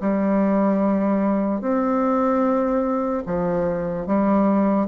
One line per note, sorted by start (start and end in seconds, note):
0.00 1.61 G3
1.61 3.23 C4
3.26 4.07 F3
4.07 4.88 G3